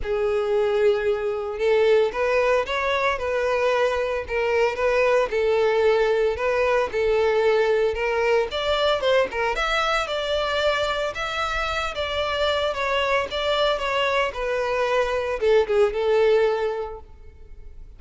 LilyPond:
\new Staff \with { instrumentName = "violin" } { \time 4/4 \tempo 4 = 113 gis'2. a'4 | b'4 cis''4 b'2 | ais'4 b'4 a'2 | b'4 a'2 ais'4 |
d''4 c''8 ais'8 e''4 d''4~ | d''4 e''4. d''4. | cis''4 d''4 cis''4 b'4~ | b'4 a'8 gis'8 a'2 | }